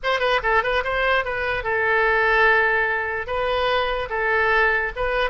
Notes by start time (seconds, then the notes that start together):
0.03 C5
0.19 B4
0.42 A4
0.63 B4
0.84 C5
1.24 B4
1.63 A4
3.26 B4
4.09 A4
4.96 B4